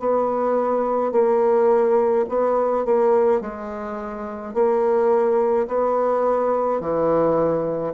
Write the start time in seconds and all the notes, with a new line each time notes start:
0.00 B3
1.12 A#3
2.29 B3
2.85 A#3
3.41 G#3
4.54 A#3
5.68 B3
6.81 E3